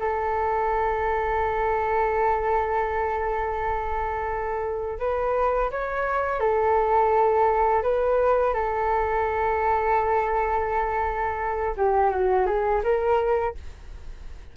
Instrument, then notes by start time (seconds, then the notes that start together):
flute
0.00 A4
4.99 B4
5.71 C#5
6.40 A4
7.83 B4
8.54 A4
11.77 G4
12.11 F#4
12.47 G#4
12.84 A#4